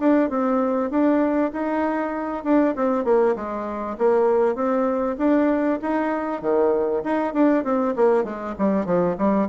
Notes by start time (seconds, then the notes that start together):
0.00 D4
0.30 C4
0.91 D4
1.53 D#4
2.44 D4
2.76 C4
3.05 A#3
3.36 G#3
3.98 A#3
4.56 C4
5.18 D4
5.82 D#4
6.42 D#3
7.04 D#4
7.34 D4
7.64 C4
7.96 A#3
8.24 G#3
8.59 G3
8.86 F3
9.18 G3